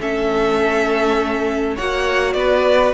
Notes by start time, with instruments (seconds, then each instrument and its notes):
0.00 cello A3, viola C#4, violin A4 E5
1.76 cello A#3, viola F#4, violin C#5 F#5
2.33 cello B3, violin B4 D5